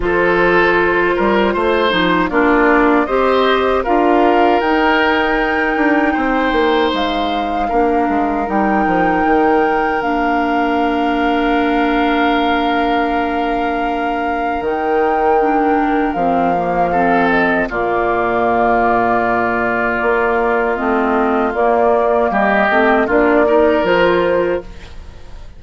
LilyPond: <<
  \new Staff \with { instrumentName = "flute" } { \time 4/4 \tempo 4 = 78 c''2. d''4 | dis''4 f''4 g''2~ | g''4 f''2 g''4~ | g''4 f''2.~ |
f''2. g''4~ | g''4 f''4. dis''8 d''4~ | d''2. dis''4 | d''4 dis''4 d''4 c''4 | }
  \new Staff \with { instrumentName = "oboe" } { \time 4/4 a'4. ais'8 c''4 f'4 | c''4 ais'2. | c''2 ais'2~ | ais'1~ |
ais'1~ | ais'2 a'4 f'4~ | f'1~ | f'4 g'4 f'8 ais'4. | }
  \new Staff \with { instrumentName = "clarinet" } { \time 4/4 f'2~ f'8 dis'8 d'4 | g'4 f'4 dis'2~ | dis'2 d'4 dis'4~ | dis'4 d'2.~ |
d'2. dis'4 | d'4 c'8 ais8 c'4 ais4~ | ais2. c'4 | ais4. c'8 d'8 dis'8 f'4 | }
  \new Staff \with { instrumentName = "bassoon" } { \time 4/4 f4. g8 a8 f8 ais4 | c'4 d'4 dis'4. d'8 | c'8 ais8 gis4 ais8 gis8 g8 f8 | dis4 ais2.~ |
ais2. dis4~ | dis4 f2 ais,4~ | ais,2 ais4 a4 | ais4 g8 a8 ais4 f4 | }
>>